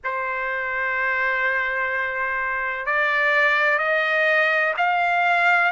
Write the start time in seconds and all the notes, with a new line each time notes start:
0.04 C5
2.86 D5
3.78 D#5
4.77 F5